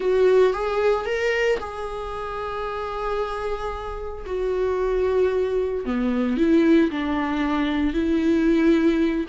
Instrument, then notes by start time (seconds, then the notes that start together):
viola
0.00 F#4
0.53 G#4
1.05 A#4
1.59 G#4
4.26 F#4
5.85 B3
6.37 E4
6.90 D4
7.93 E4